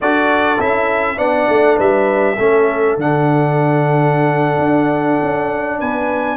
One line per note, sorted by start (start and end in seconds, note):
0.00 0.60 D4
0.00 0.58 F#4
0.00 1.16 A4
0.00 0.60 D5
0.58 1.18 C#4
0.58 1.17 E4
0.58 1.18 E5
1.16 1.47 B3
1.16 2.36 D4
1.16 1.75 D5
1.16 1.77 F#5
1.48 1.78 A3
1.76 2.38 G3
1.76 2.35 B4
1.76 2.98 E5
2.37 2.96 A3
2.37 2.99 C#4
2.37 5.78 A4
2.96 4.58 D3
2.96 6.37 D4
2.96 5.80 F#5
4.58 5.17 D4
5.21 5.81 C#4
5.78 6.37 B3
5.78 6.37 B4
5.78 6.37 G#5